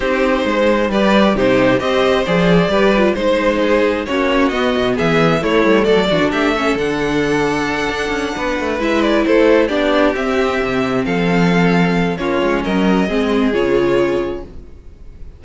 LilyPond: <<
  \new Staff \with { instrumentName = "violin" } { \time 4/4 \tempo 4 = 133 c''2 d''4 c''4 | dis''4 d''2 c''4~ | c''4 cis''4 dis''4 e''4 | cis''4 d''4 e''4 fis''4~ |
fis''2.~ fis''8 e''8 | d''8 c''4 d''4 e''4.~ | e''8 f''2~ f''8 cis''4 | dis''2 cis''2 | }
  \new Staff \with { instrumentName = "violin" } { \time 4/4 g'4 c''4 b'4 g'4 | c''2 b'4 c''4 | gis'4 fis'2 gis'4 | e'4 a'8 fis'8 g'8 a'4.~ |
a'2~ a'8 b'4.~ | b'8 a'4 g'2~ g'8~ | g'8 a'2~ a'8 f'4 | ais'4 gis'2. | }
  \new Staff \with { instrumentName = "viola" } { \time 4/4 dis'2 g'4 dis'4 | g'4 gis'4 g'8 f'8 dis'4~ | dis'4 cis'4 b2 | a4. d'4 cis'8 d'4~ |
d'2.~ d'8 e'8~ | e'4. d'4 c'4.~ | c'2. cis'4~ | cis'4 c'4 f'2 | }
  \new Staff \with { instrumentName = "cello" } { \time 4/4 c'4 gis4 g4 c4 | c'4 f4 g4 gis4~ | gis4 ais4 b8 b,8 e4 | a8 g8 fis8 e16 d16 a4 d4~ |
d4. d'8 cis'8 b8 a8 gis8~ | gis8 a4 b4 c'4 c8~ | c8 f2~ f8 ais8 gis8 | fis4 gis4 cis2 | }
>>